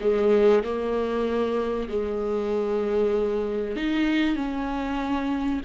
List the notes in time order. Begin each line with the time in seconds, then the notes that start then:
0.00 G#3
0.63 A#3
1.88 G#3
3.76 D#4
4.36 C#4